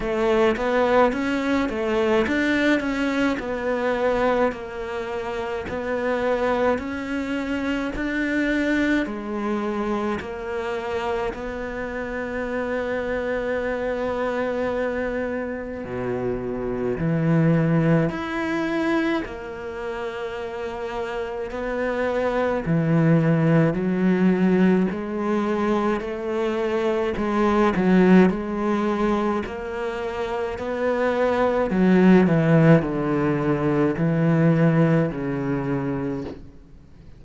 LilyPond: \new Staff \with { instrumentName = "cello" } { \time 4/4 \tempo 4 = 53 a8 b8 cis'8 a8 d'8 cis'8 b4 | ais4 b4 cis'4 d'4 | gis4 ais4 b2~ | b2 b,4 e4 |
e'4 ais2 b4 | e4 fis4 gis4 a4 | gis8 fis8 gis4 ais4 b4 | fis8 e8 d4 e4 cis4 | }